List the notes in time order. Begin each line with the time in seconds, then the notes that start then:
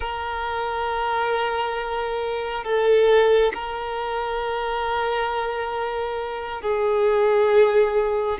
0.00 A#4
2.64 A4
3.54 A#4
6.61 G#4